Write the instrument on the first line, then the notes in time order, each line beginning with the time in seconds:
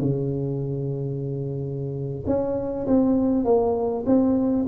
tuba
0.00 C#3
2.27 C#4
2.87 C4
3.45 A#3
4.06 C4